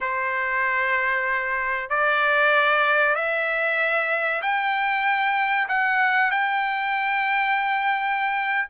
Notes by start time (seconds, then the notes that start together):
0.00 C5
1.89 D5
3.15 E5
4.42 G5
5.68 F#5
6.30 G5